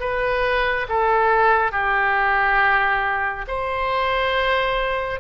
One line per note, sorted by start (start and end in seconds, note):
0.00 0.87 B4
0.89 1.72 A4
1.72 3.45 G4
3.47 5.20 C5